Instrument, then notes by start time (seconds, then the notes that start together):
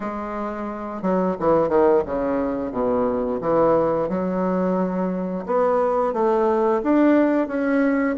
bassoon
0.00 G#3
1.02 F#3
1.39 E3
1.69 D#3
2.05 C#3
2.71 B2
3.41 E3
4.08 F#3
5.45 B3
6.13 A3
6.83 D4
7.47 C#4